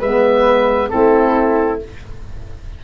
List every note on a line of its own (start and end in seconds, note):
0.00 0.90 G#3
0.00 0.90 B3
0.00 0.90 B4
0.00 0.90 E5
0.90 1.85 A3
0.90 1.79 C4
0.90 1.83 E4
0.90 1.79 A4